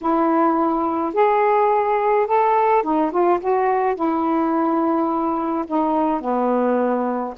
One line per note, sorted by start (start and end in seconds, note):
0.01 1.13 E4
1.13 2.26 G#4
2.26 2.82 A4
2.82 3.11 D#4
3.11 3.39 F4
3.40 3.95 F#4
3.95 5.65 E4
5.67 6.20 D#4
6.20 7.34 B3